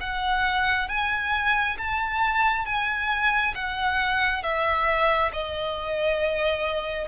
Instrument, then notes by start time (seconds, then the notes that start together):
violin
0.00 F#5
0.88 G#5
1.78 A5
2.66 G#5
3.55 F#5
4.42 E5
5.33 D#5